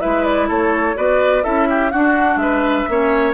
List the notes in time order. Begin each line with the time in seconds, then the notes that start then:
0.00 G#3 E4 B4 E5
0.25 D5
0.48 A3 A4 C#5
0.95 B3 F#4 B4 D5
1.44 C#4 E4 A4 E5
1.69 G4
1.91 D4 F#4 F#5
2.36 G#3 B4 E5
2.89 A#3 C#4 C#5